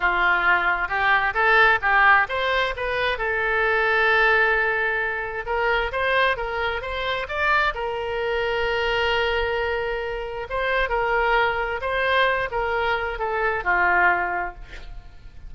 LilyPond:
\new Staff \with { instrumentName = "oboe" } { \time 4/4 \tempo 4 = 132 f'2 g'4 a'4 | g'4 c''4 b'4 a'4~ | a'1 | ais'4 c''4 ais'4 c''4 |
d''4 ais'2.~ | ais'2. c''4 | ais'2 c''4. ais'8~ | ais'4 a'4 f'2 | }